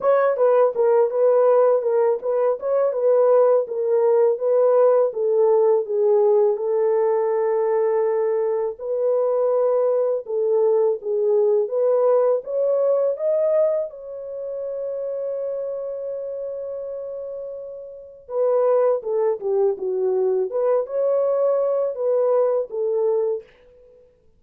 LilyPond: \new Staff \with { instrumentName = "horn" } { \time 4/4 \tempo 4 = 82 cis''8 b'8 ais'8 b'4 ais'8 b'8 cis''8 | b'4 ais'4 b'4 a'4 | gis'4 a'2. | b'2 a'4 gis'4 |
b'4 cis''4 dis''4 cis''4~ | cis''1~ | cis''4 b'4 a'8 g'8 fis'4 | b'8 cis''4. b'4 a'4 | }